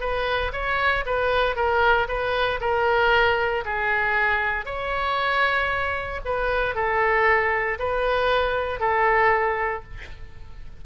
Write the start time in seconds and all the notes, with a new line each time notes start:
0.00 B4
0.53 C#5
1.06 B4
1.56 A#4
2.08 B4
2.61 A#4
3.65 G#4
4.65 C#5
6.25 B4
6.75 A4
7.79 B4
8.80 A4